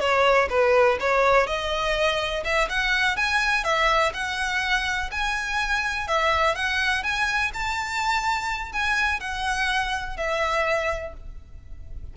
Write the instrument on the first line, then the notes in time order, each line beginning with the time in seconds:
violin
0.00 C#5
0.49 B4
1.00 C#5
1.47 D#5
2.44 E5
2.69 F#5
3.16 G#5
3.64 E5
4.13 F#5
5.11 G#5
6.07 E5
6.55 F#5
7.03 G#5
7.53 A5
8.72 G#5
9.20 F#5
10.17 E5